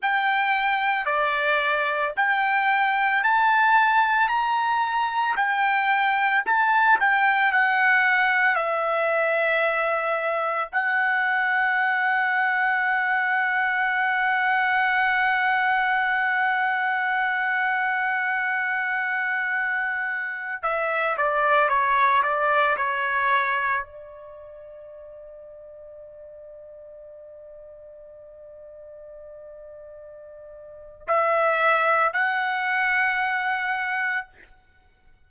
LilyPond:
\new Staff \with { instrumentName = "trumpet" } { \time 4/4 \tempo 4 = 56 g''4 d''4 g''4 a''4 | ais''4 g''4 a''8 g''8 fis''4 | e''2 fis''2~ | fis''1~ |
fis''2.~ fis''16 e''8 d''16~ | d''16 cis''8 d''8 cis''4 d''4.~ d''16~ | d''1~ | d''4 e''4 fis''2 | }